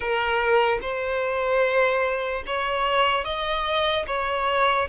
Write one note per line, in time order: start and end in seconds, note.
0.00 0.78 A#4
0.81 2.43 C5
2.46 3.24 C#5
3.24 4.05 D#5
4.07 4.88 C#5